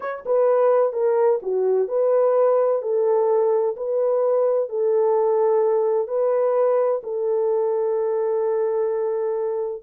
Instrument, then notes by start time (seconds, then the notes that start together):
horn
0.00 C#5
0.25 B4
0.92 A#4
1.42 F#4
1.88 B4
2.81 A4
3.76 B4
4.69 A4
6.07 B4
7.03 A4